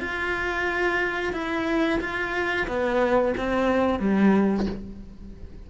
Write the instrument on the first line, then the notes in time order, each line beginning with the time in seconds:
cello
0.00 F4
1.33 E4
2.00 F4
2.67 B3
3.37 C4
3.99 G3